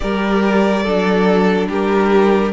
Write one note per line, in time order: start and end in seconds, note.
0.00 0.85 G3
0.00 0.84 G4
0.00 0.83 A#4
0.00 1.68 D5
0.83 1.68 F#3
0.83 2.52 D4
0.83 1.67 A4
1.68 2.52 G3
1.68 2.52 G4
1.68 2.52 A#4